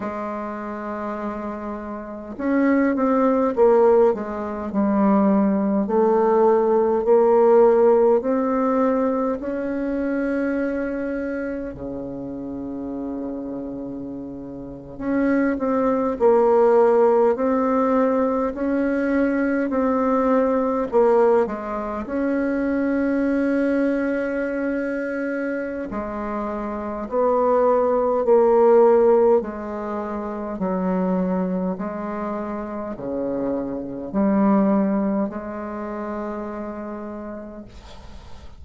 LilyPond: \new Staff \with { instrumentName = "bassoon" } { \time 4/4 \tempo 4 = 51 gis2 cis'8 c'8 ais8 gis8 | g4 a4 ais4 c'4 | cis'2 cis2~ | cis8. cis'8 c'8 ais4 c'4 cis'16~ |
cis'8. c'4 ais8 gis8 cis'4~ cis'16~ | cis'2 gis4 b4 | ais4 gis4 fis4 gis4 | cis4 g4 gis2 | }